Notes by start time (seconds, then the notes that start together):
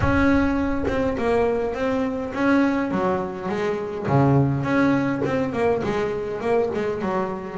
0.00 C#4
0.87 C4
1.17 A#3
1.74 C4
2.34 C#4
2.91 F#3
3.48 G#3
4.07 C#3
4.63 C#4
5.25 C4
5.53 A#3
5.83 G#3
6.41 A#3
6.74 G#3
7.01 F#3